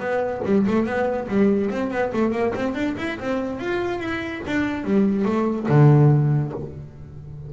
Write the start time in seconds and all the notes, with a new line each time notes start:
0.00 B3
0.46 G3
0.68 A3
0.86 B3
1.29 G3
1.71 C4
1.91 B3
2.13 A3
2.32 A#3
2.56 C4
2.75 D4
2.98 E4
3.20 C4
3.60 F4
4.00 E4
4.47 D4
4.85 G3
5.25 A3
5.69 D3